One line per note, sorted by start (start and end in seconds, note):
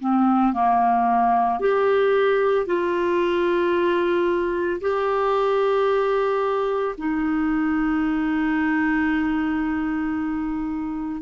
0.00 0.53 C4
0.53 1.60 A#3
1.60 2.66 G4
2.66 4.81 F4
4.81 6.95 G4
6.98 11.22 D#4